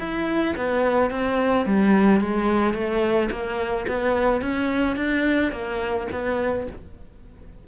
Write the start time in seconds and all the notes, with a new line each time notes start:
0.00 E4
0.57 B3
1.11 C4
1.66 G3
2.21 G#3
2.74 A3
3.31 A#3
3.88 B3
4.42 C#4
4.97 D4
5.53 A#3
6.12 B3